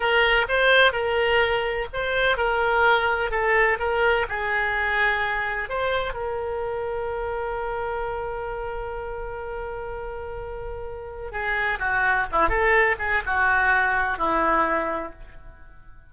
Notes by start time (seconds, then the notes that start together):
0.00 A#4
0.48 C5
0.92 A#4
1.93 C5
2.37 A#4
3.30 A4
3.79 A#4
4.28 G#4
5.69 C5
6.13 A#4
11.31 G#4
11.79 F#4
12.32 E4
12.49 A4
12.99 G#4
13.26 F#4
14.18 E4